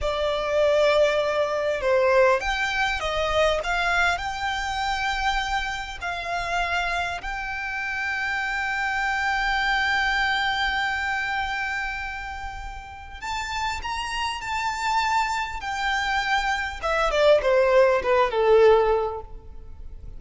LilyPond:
\new Staff \with { instrumentName = "violin" } { \time 4/4 \tempo 4 = 100 d''2. c''4 | g''4 dis''4 f''4 g''4~ | g''2 f''2 | g''1~ |
g''1~ | g''2 a''4 ais''4 | a''2 g''2 | e''8 d''8 c''4 b'8 a'4. | }